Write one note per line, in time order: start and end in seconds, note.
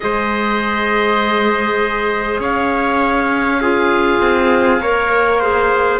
0.00 2.39 G#3
0.00 3.58 G#4
0.00 2.40 C5
0.00 2.40 D#5
2.39 4.19 C#4
2.39 3.60 C#5
2.39 5.99 F5
3.61 4.81 F4
3.61 4.81 G#4
4.20 4.79 C4
4.79 5.99 A#3
4.79 5.42 A#4
4.79 5.40 C#5
5.40 5.99 G#4
5.40 5.99 C5